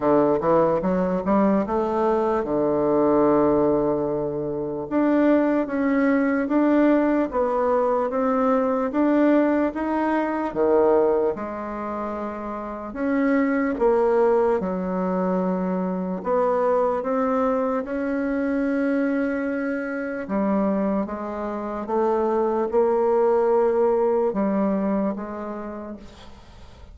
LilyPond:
\new Staff \with { instrumentName = "bassoon" } { \time 4/4 \tempo 4 = 74 d8 e8 fis8 g8 a4 d4~ | d2 d'4 cis'4 | d'4 b4 c'4 d'4 | dis'4 dis4 gis2 |
cis'4 ais4 fis2 | b4 c'4 cis'2~ | cis'4 g4 gis4 a4 | ais2 g4 gis4 | }